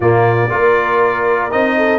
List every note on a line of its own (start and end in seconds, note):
0.00 0.49 A#2
0.00 0.49 A#3
0.00 0.49 F4
0.00 1.51 D5
0.49 1.52 A#3
0.49 1.50 F4
0.49 1.77 A#4
1.50 1.99 C4
1.50 1.99 D#4
1.50 1.99 D#5
1.77 1.99 A4